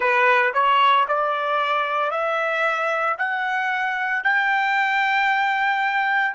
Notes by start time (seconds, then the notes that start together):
0.00 B4
0.53 C#5
1.08 D5
2.11 E5
3.18 F#5
4.23 G5